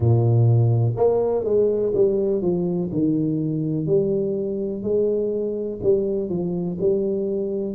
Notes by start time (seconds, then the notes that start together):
0.00 A#2
0.96 A#3
1.44 G#3
1.94 G3
2.41 F3
2.92 D#3
3.86 G3
4.83 G#3
5.82 G3
6.29 F3
6.80 G3